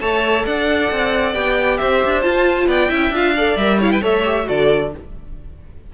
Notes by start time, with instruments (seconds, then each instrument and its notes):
0.00 cello A3, viola A4, violin C#5 A5
0.45 cello D4, violin D5 F#5
0.91 cello C4
1.34 cello B3, viola G4, violin G5
1.77 cello C4, violin C5 E5
2.04 cello D4
2.22 viola F4, cello F4, violin A5
2.67 cello B3, violin D5 G5
2.89 cello C#4, viola E4, violin E5
3.10 cello D4, viola F4, violin F5
3.36 viola A4, violin D5
3.56 cello G3, viola A#4, violin E5
3.79 viola E4, violin C#5 F5
3.91 violin B4 G5
4.01 cello A3, viola A4, violin C#5 E5
4.25 viola G4
4.44 cello D3, viola F#4, violin A4 D5